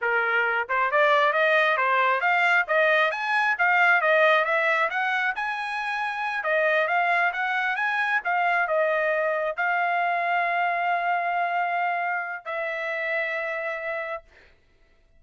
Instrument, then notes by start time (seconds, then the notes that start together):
trumpet
0.01 A#4
0.68 C5
0.91 D5
1.32 D#5
1.77 C5
2.21 F5
2.67 D#5
3.11 G#5
3.58 F5
4.01 D#5
4.44 E5
4.89 F#5
5.35 G#5
6.43 D#5
6.87 F5
7.32 F#5
7.76 G#5
8.24 F5
8.67 D#5
9.56 F5
12.45 E5